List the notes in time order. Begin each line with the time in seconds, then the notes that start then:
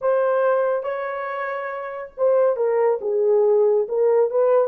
0.01 C5
0.83 C#5
2.17 C5
2.56 A#4
3.01 G#4
3.88 A#4
4.30 B4